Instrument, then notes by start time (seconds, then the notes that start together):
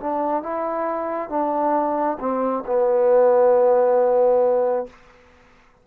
trombone
0.00 D4
0.43 E4
1.30 D4
2.19 C4
2.66 B3